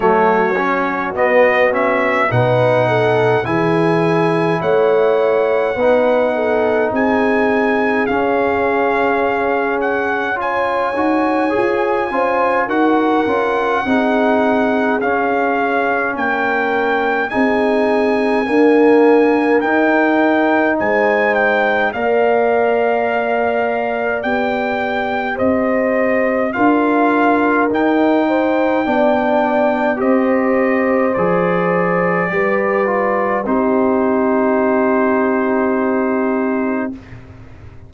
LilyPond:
<<
  \new Staff \with { instrumentName = "trumpet" } { \time 4/4 \tempo 4 = 52 cis''4 dis''8 e''8 fis''4 gis''4 | fis''2 gis''4 f''4~ | f''8 fis''8 gis''2 fis''4~ | fis''4 f''4 g''4 gis''4~ |
gis''4 g''4 gis''8 g''8 f''4~ | f''4 g''4 dis''4 f''4 | g''2 dis''4 d''4~ | d''4 c''2. | }
  \new Staff \with { instrumentName = "horn" } { \time 4/4 fis'2 b'8 a'8 gis'4 | cis''4 b'8 a'8 gis'2~ | gis'4 cis''4. c''8 ais'4 | gis'2 ais'4 gis'4 |
ais'2 c''4 d''4~ | d''2 c''4 ais'4~ | ais'8 c''8 d''4 c''2 | b'4 g'2. | }
  \new Staff \with { instrumentName = "trombone" } { \time 4/4 a8 cis'8 b8 cis'8 dis'4 e'4~ | e'4 dis'2 cis'4~ | cis'4 f'8 fis'8 gis'8 f'8 fis'8 f'8 | dis'4 cis'2 dis'4 |
ais4 dis'2 ais'4~ | ais'4 g'2 f'4 | dis'4 d'4 g'4 gis'4 | g'8 f'8 dis'2. | }
  \new Staff \with { instrumentName = "tuba" } { \time 4/4 fis4 b4 b,4 e4 | a4 b4 c'4 cis'4~ | cis'4. dis'8 f'8 cis'8 dis'8 cis'8 | c'4 cis'4 ais4 c'4 |
d'4 dis'4 gis4 ais4~ | ais4 b4 c'4 d'4 | dis'4 b4 c'4 f4 | g4 c'2. | }
>>